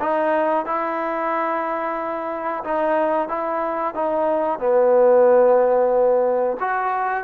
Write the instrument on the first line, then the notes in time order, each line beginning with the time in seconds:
trombone
0.00 D#4
0.66 E4
2.64 D#4
3.29 E4
3.95 D#4
4.60 B3
6.60 F#4